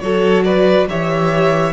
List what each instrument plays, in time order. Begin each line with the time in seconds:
0.00 cello F#3, viola F#4, violin A4 C#5
0.44 violin B4 D5
0.88 cello E3, viola G4, violin C#5 E5